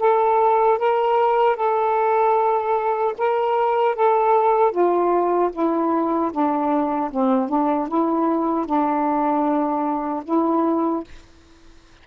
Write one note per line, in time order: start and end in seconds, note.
0.00 0.79 A4
0.79 1.57 A#4
1.57 3.15 A4
3.18 3.96 A#4
3.96 4.72 A4
4.72 5.51 F4
5.53 6.32 E4
6.33 7.12 D4
7.12 7.49 C4
7.49 7.88 D4
7.88 8.66 E4
8.66 10.24 D4
10.25 11.04 E4